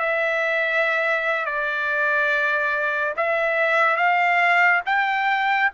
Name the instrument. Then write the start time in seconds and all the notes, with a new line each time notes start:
trumpet
0.00 E5
1.46 D5
3.17 E5
3.97 F5
4.86 G5